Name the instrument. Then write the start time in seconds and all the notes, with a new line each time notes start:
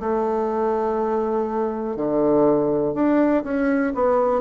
bassoon
0.00 A3
1.96 D3
2.94 D4
3.44 C#4
3.95 B3